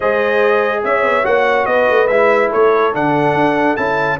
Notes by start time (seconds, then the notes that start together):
0.00 G#3 G#4 C5 D#5
0.84 C#4 C#5 E5
1.02 B3
1.23 A#3 F#4 F#5
1.65 B3 B4 D#5
1.90 A3
2.07 G#3 E4 E5
2.50 A3 A4 C#5
2.93 D3 D4 F#5
3.33 D4
3.76 C#4 E4 A5